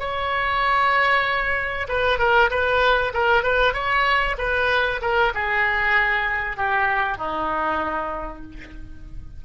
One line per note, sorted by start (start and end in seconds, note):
0.00 1.88 C#5
1.89 2.19 B4
2.19 2.50 A#4
2.51 3.13 B4
3.14 3.43 A#4
3.43 3.74 B4
3.74 4.36 C#5
4.38 5.01 B4
5.02 5.33 A#4
5.34 6.57 G#4
6.57 7.18 G4
7.18 8.43 D#4